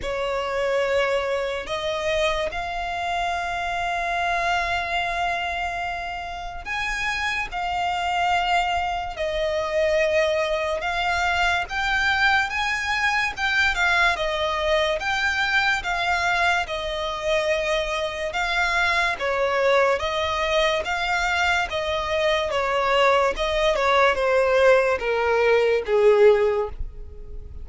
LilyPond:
\new Staff \with { instrumentName = "violin" } { \time 4/4 \tempo 4 = 72 cis''2 dis''4 f''4~ | f''1 | gis''4 f''2 dis''4~ | dis''4 f''4 g''4 gis''4 |
g''8 f''8 dis''4 g''4 f''4 | dis''2 f''4 cis''4 | dis''4 f''4 dis''4 cis''4 | dis''8 cis''8 c''4 ais'4 gis'4 | }